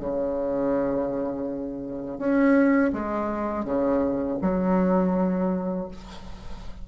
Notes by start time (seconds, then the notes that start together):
0.00 C#3
2.19 C#4
2.93 G#3
3.65 C#3
4.42 F#3